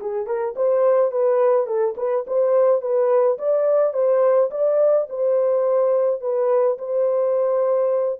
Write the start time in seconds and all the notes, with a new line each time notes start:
0.00 G#4
0.26 A#4
0.56 C5
1.11 B4
1.66 A4
1.97 B4
2.27 C5
2.81 B4
3.38 D5
3.93 C5
4.51 D5
5.09 C5
6.21 B4
6.78 C5